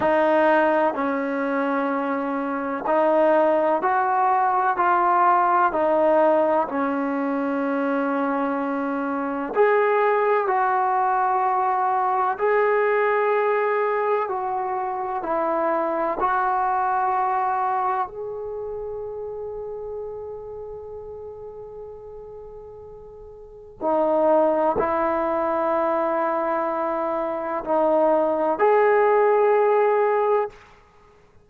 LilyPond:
\new Staff \with { instrumentName = "trombone" } { \time 4/4 \tempo 4 = 63 dis'4 cis'2 dis'4 | fis'4 f'4 dis'4 cis'4~ | cis'2 gis'4 fis'4~ | fis'4 gis'2 fis'4 |
e'4 fis'2 gis'4~ | gis'1~ | gis'4 dis'4 e'2~ | e'4 dis'4 gis'2 | }